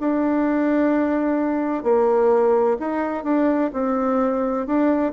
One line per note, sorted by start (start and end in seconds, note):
0.00 1.83 D4
1.83 2.77 A#3
2.80 3.24 D#4
3.24 3.71 D4
3.73 4.67 C4
4.67 5.13 D4